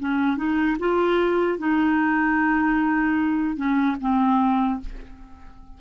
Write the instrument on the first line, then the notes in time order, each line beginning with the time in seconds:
clarinet
0.00 C#4
0.37 D#4
0.80 F4
1.59 D#4
3.57 C#4
4.01 C4